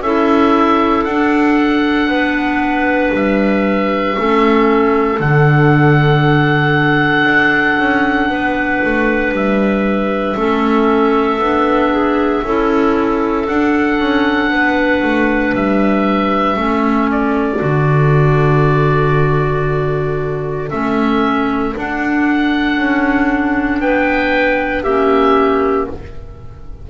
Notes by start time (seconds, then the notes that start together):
0.00 C#4 E4 A4 E5
1.04 D4 F#5
2.07 B3 B4
3.13 G3 E5
4.15 A3 C#4 A4
5.19 D3 D4 F#5
7.25 D4
7.77 C#4
8.29 B3 B4
8.84 A3
9.32 G3 E5
10.36 A3 C#4 A4
11.38 B3 D4
11.91 G#4
12.43 C#4 E4 A4
13.47 D4 F#5
13.99 C#4
14.49 B3 B4
15.02 A3
15.53 G3 E5
16.55 A3 C#4 A4
17.10 D5
17.58 D3 F#4
20.70 A3 C#4 E5
21.75 D4 F#5
22.77 C#4
23.80 B3 B4 G5
24.83 A#3 C#4 G4 E5